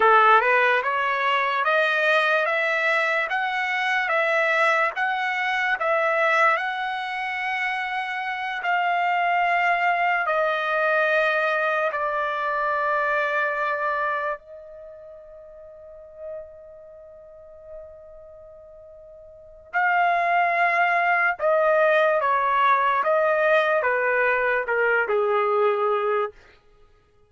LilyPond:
\new Staff \with { instrumentName = "trumpet" } { \time 4/4 \tempo 4 = 73 a'8 b'8 cis''4 dis''4 e''4 | fis''4 e''4 fis''4 e''4 | fis''2~ fis''8 f''4.~ | f''8 dis''2 d''4.~ |
d''4. dis''2~ dis''8~ | dis''1 | f''2 dis''4 cis''4 | dis''4 b'4 ais'8 gis'4. | }